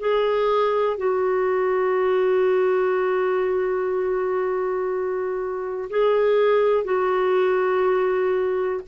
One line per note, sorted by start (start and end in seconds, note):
0.00 0.97 G#4
0.97 5.89 F#4
5.91 6.85 G#4
6.85 8.82 F#4